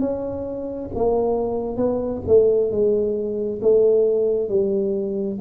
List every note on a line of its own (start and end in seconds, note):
0.00 0.90 C#4
0.95 1.77 A#3
1.77 2.21 B3
2.27 2.71 A3
2.71 3.61 G#3
3.61 4.49 A3
4.49 5.39 G3